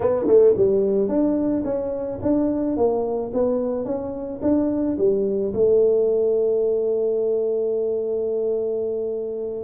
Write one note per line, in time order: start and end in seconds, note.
0.00 0.26 B3
0.27 0.54 A3
0.57 1.08 G3
1.08 1.63 D4
1.64 2.19 C#4
2.22 2.76 D4
2.76 3.32 A#3
3.33 3.85 B3
3.85 4.40 C#4
4.42 4.97 D4
4.98 5.53 G3
5.53 9.64 A3